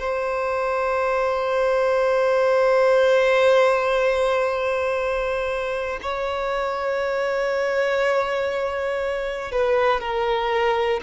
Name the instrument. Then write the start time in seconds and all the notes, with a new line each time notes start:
violin
0.00 C5
6.03 C#5
9.52 B4
10.01 A#4